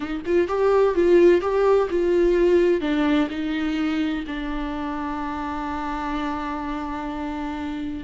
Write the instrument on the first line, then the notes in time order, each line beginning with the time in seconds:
viola
0.00 D#4
0.25 F4
0.48 G4
0.94 F4
1.41 G4
1.89 F4
2.80 D4
3.29 D#4
4.27 D4